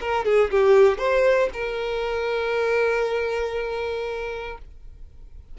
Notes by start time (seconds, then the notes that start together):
0.00 A#4
0.24 G#4
0.50 G4
0.98 C5
1.53 A#4